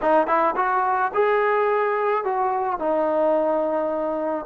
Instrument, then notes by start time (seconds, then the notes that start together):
trombone
0.01 D#4
0.27 E4
0.56 F#4
1.13 G#4
2.24 F#4
2.79 D#4